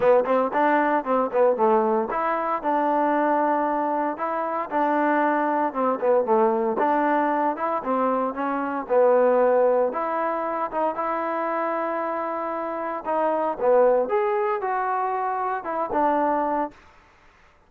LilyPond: \new Staff \with { instrumentName = "trombone" } { \time 4/4 \tempo 4 = 115 b8 c'8 d'4 c'8 b8 a4 | e'4 d'2. | e'4 d'2 c'8 b8 | a4 d'4. e'8 c'4 |
cis'4 b2 e'4~ | e'8 dis'8 e'2.~ | e'4 dis'4 b4 gis'4 | fis'2 e'8 d'4. | }